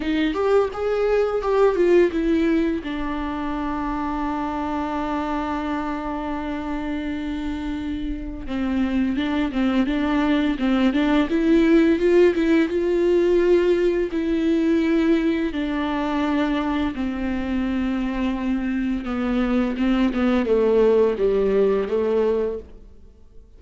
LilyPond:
\new Staff \with { instrumentName = "viola" } { \time 4/4 \tempo 4 = 85 dis'8 g'8 gis'4 g'8 f'8 e'4 | d'1~ | d'1 | c'4 d'8 c'8 d'4 c'8 d'8 |
e'4 f'8 e'8 f'2 | e'2 d'2 | c'2. b4 | c'8 b8 a4 g4 a4 | }